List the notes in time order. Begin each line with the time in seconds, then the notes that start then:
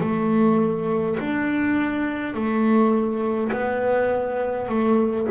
0.00 A3
1.20 D4
2.34 A3
3.52 B3
4.68 A3